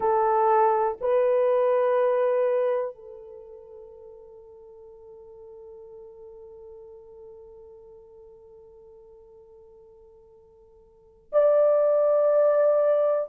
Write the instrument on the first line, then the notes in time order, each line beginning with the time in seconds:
horn
0.00 A4
1.00 B4
2.94 A4
11.32 D5